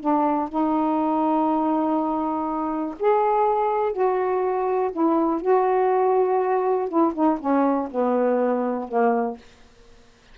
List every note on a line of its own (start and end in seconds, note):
0.00 0.49 D4
0.49 2.95 D#4
2.99 3.93 G#4
3.93 4.91 F#4
4.92 5.41 E4
5.41 6.88 F#4
6.88 7.13 E4
7.14 7.38 D#4
7.39 7.89 C#4
7.91 8.88 B3
8.88 9.37 A#3